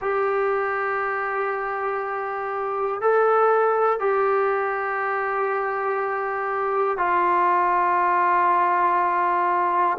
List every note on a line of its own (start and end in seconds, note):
0.01 3.00 G4
3.00 3.99 A4
3.99 6.97 G4
6.97 9.97 F4